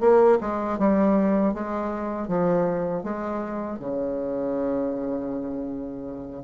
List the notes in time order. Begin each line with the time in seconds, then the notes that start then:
0.00 A#3
0.40 G#3
0.79 G3
1.54 G#3
2.28 F3
3.03 G#3
3.79 C#3